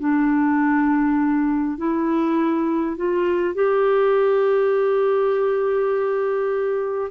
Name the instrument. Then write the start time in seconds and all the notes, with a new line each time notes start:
clarinet
0.00 D4
1.78 E4
2.97 F4
3.55 G4